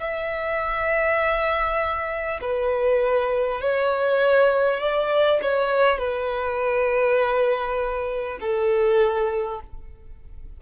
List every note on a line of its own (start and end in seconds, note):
0.00 2.40 E5
2.42 3.61 B4
3.61 4.80 C#5
4.80 5.40 D5
5.42 5.98 C#5
5.98 8.38 B4
8.41 9.61 A4